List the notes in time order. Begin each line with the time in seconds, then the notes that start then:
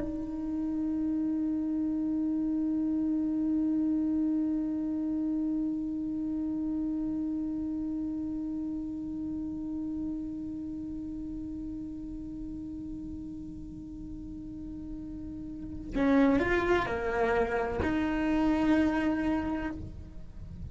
0.00 D#4
15.95 C#4
16.40 F4
16.86 A#3
17.83 D#4